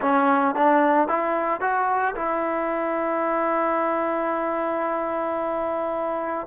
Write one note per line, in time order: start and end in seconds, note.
0.01 0.55 C#4
0.55 1.08 D4
1.08 1.60 E4
1.60 2.14 F#4
2.15 6.47 E4